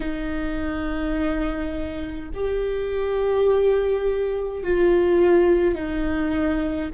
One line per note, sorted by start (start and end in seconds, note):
0.00 2.29 D#4
2.33 4.63 G4
4.63 5.74 F4
5.74 6.90 D#4